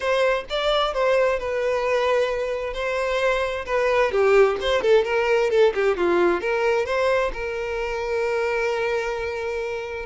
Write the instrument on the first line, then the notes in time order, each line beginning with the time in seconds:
violin
0.00 C5
0.49 D5
0.93 C5
1.39 B4
2.73 C5
3.65 B4
4.11 G4
4.61 C5
4.81 A4
5.04 A#4
5.50 A4
5.74 G4
5.96 F4
6.40 A#4
6.85 C5
7.33 A#4